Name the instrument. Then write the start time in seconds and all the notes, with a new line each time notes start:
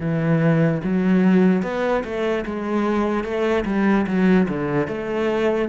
cello
0.00 E3
0.84 F#3
1.63 B3
2.05 A3
2.45 G#3
3.24 A3
3.66 G3
4.07 F#3
4.49 D3
4.88 A3